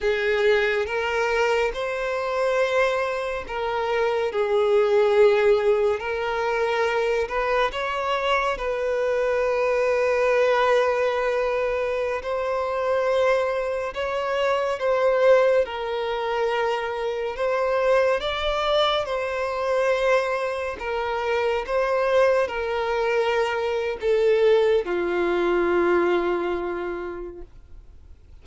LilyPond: \new Staff \with { instrumentName = "violin" } { \time 4/4 \tempo 4 = 70 gis'4 ais'4 c''2 | ais'4 gis'2 ais'4~ | ais'8 b'8 cis''4 b'2~ | b'2~ b'16 c''4.~ c''16~ |
c''16 cis''4 c''4 ais'4.~ ais'16~ | ais'16 c''4 d''4 c''4.~ c''16~ | c''16 ais'4 c''4 ais'4.~ ais'16 | a'4 f'2. | }